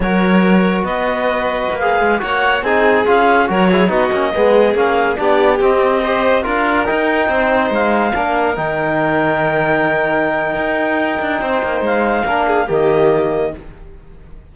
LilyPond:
<<
  \new Staff \with { instrumentName = "clarinet" } { \time 4/4 \tempo 4 = 142 cis''2 dis''2~ | dis''16 f''4 fis''4 gis''4 f''8.~ | f''16 cis''4 dis''2 f''8.~ | f''16 d''4 dis''2 f''8.~ |
f''16 g''2 f''4.~ f''16~ | f''16 g''2.~ g''8.~ | g''1 | f''2 dis''2 | }
  \new Staff \with { instrumentName = "violin" } { \time 4/4 ais'2 b'2~ | b'4~ b'16 cis''4 gis'4.~ gis'16~ | gis'16 ais'8 gis'8 fis'4 gis'4.~ gis'16~ | gis'16 g'2 c''4 ais'8.~ |
ais'4~ ais'16 c''2 ais'8.~ | ais'1~ | ais'2. c''4~ | c''4 ais'8 gis'8 g'2 | }
  \new Staff \with { instrumentName = "trombone" } { \time 4/4 fis'1~ | fis'16 gis'4 fis'4 dis'4 f'8.~ | f'16 fis'8 e'8 dis'8 cis'8 b4 cis'8.~ | cis'16 d'4 c'4 g'4 f'8.~ |
f'16 dis'2. d'8.~ | d'16 dis'2.~ dis'8.~ | dis'1~ | dis'4 d'4 ais2 | }
  \new Staff \with { instrumentName = "cello" } { \time 4/4 fis2 b2 | ais8. gis8 ais4 c'4 cis'8.~ | cis'16 fis4 b8 ais8 gis4 ais8.~ | ais16 b4 c'2 d'8.~ |
d'16 dis'4 c'4 gis4 ais8.~ | ais16 dis2.~ dis8.~ | dis4 dis'4. d'8 c'8 ais8 | gis4 ais4 dis2 | }
>>